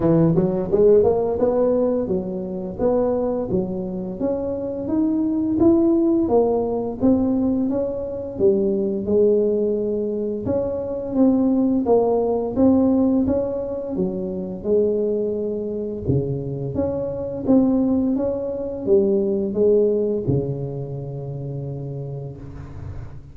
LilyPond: \new Staff \with { instrumentName = "tuba" } { \time 4/4 \tempo 4 = 86 e8 fis8 gis8 ais8 b4 fis4 | b4 fis4 cis'4 dis'4 | e'4 ais4 c'4 cis'4 | g4 gis2 cis'4 |
c'4 ais4 c'4 cis'4 | fis4 gis2 cis4 | cis'4 c'4 cis'4 g4 | gis4 cis2. | }